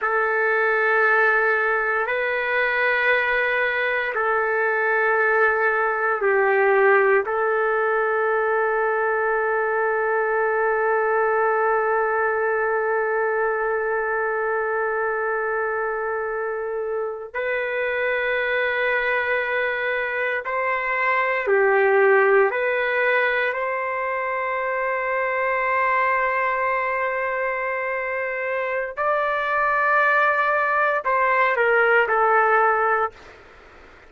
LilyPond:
\new Staff \with { instrumentName = "trumpet" } { \time 4/4 \tempo 4 = 58 a'2 b'2 | a'2 g'4 a'4~ | a'1~ | a'1~ |
a'8. b'2. c''16~ | c''8. g'4 b'4 c''4~ c''16~ | c''1 | d''2 c''8 ais'8 a'4 | }